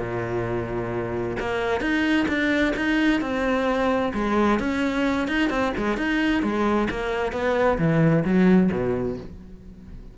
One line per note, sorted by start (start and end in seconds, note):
0.00 1.37 A#2
1.40 1.81 A#3
1.81 2.27 D#4
2.28 2.74 D4
2.77 3.21 D#4
3.21 4.13 C4
4.14 4.60 G#3
4.60 5.28 C#4
5.28 5.50 D#4
5.50 5.73 C4
5.78 5.97 G#3
5.97 6.43 D#4
6.43 6.89 G#3
6.91 7.32 A#3
7.32 7.78 B3
7.79 8.24 E3
8.25 8.71 F#3
8.72 9.18 B2